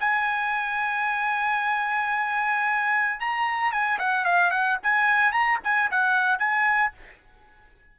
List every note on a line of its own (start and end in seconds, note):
0.00 3.20 G#5
3.20 3.72 A#5
3.72 3.98 G#5
3.99 4.25 F#5
4.25 4.51 F5
4.51 4.78 F#5
4.83 5.32 G#5
5.32 5.59 A#5
5.63 5.90 G#5
5.91 6.39 F#5
6.39 6.92 G#5